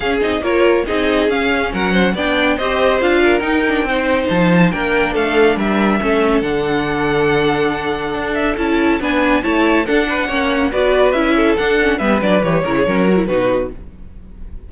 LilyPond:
<<
  \new Staff \with { instrumentName = "violin" } { \time 4/4 \tempo 4 = 140 f''8 dis''8 cis''4 dis''4 f''4 | fis''4 g''4 dis''4 f''4 | g''2 a''4 g''4 | f''4 e''2 fis''4~ |
fis''2.~ fis''8 e''8 | a''4 gis''4 a''4 fis''4~ | fis''4 d''4 e''4 fis''4 | e''8 d''8 cis''2 b'4 | }
  \new Staff \with { instrumentName = "violin" } { \time 4/4 gis'4 ais'4 gis'2 | ais'8 c''8 d''4 c''4. ais'8~ | ais'4 c''2 ais'4 | a'4 ais'4 a'2~ |
a'1~ | a'4 b'4 cis''4 a'8 b'8 | cis''4 b'4. a'4. | b'4. ais'16 gis'16 ais'4 fis'4 | }
  \new Staff \with { instrumentName = "viola" } { \time 4/4 cis'8 dis'8 f'4 dis'4 cis'4~ | cis'4 d'4 g'4 f'4 | dis'8 d'8 dis'2 d'4~ | d'2 cis'4 d'4~ |
d'1 | e'4 d'4 e'4 d'4 | cis'4 fis'4 e'4 d'8 cis'8 | b8 d'8 g'8 e'8 cis'8 fis'16 e'16 dis'4 | }
  \new Staff \with { instrumentName = "cello" } { \time 4/4 cis'8 c'8 ais4 c'4 cis'4 | fis4 b4 c'4 d'4 | dis'4 c'4 f4 ais4 | a4 g4 a4 d4~ |
d2. d'4 | cis'4 b4 a4 d'4 | ais4 b4 cis'4 d'4 | g8 fis8 e8 cis8 fis4 b,4 | }
>>